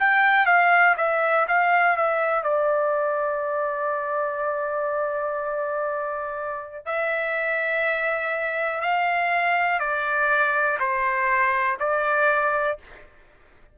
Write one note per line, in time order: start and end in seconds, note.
0.00 0.46 G5
0.46 0.95 F5
0.97 1.46 E5
1.48 1.97 F5
1.97 2.43 E5
2.43 6.86 D5
6.86 8.81 E5
8.81 9.80 F5
9.80 10.78 D5
10.79 11.78 C5
11.80 12.78 D5